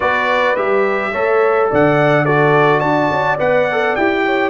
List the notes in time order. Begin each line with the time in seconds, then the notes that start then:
0.00 B3 F#4 B4 D5
0.56 G3 G4 E5
1.11 A3 A4 C#5
1.70 D3 D5 F#5
2.25 F#4 A4 D5
2.78 D4 D5 A5
3.10 C#4
3.38 B3 B4 F#5
3.71 A4
3.95 E4 G4 G5
4.25 C#5